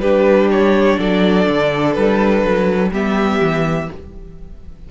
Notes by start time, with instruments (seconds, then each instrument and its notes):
0.00 cello G3, viola D4, violin G4 B4
0.51 violin C#5
0.98 cello F#3, violin A4 D5
1.47 cello D3
1.93 cello G3, violin B4
2.42 cello F#3
2.91 cello G3, viola B3, violin G4 E5
3.40 cello E3